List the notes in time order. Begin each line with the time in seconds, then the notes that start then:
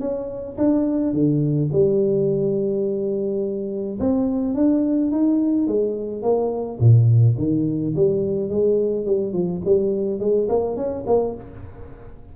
0.00 C#4
0.58 D4
1.13 D3
1.73 G3
4.00 C4
4.55 D4
5.11 D#4
5.67 G#3
6.22 A#3
6.80 A#2
7.38 D#3
7.96 G3
8.50 G#3
9.06 G3
9.33 F3
9.65 G3
10.20 G#3
10.49 A#3
10.76 C#4
11.07 A#3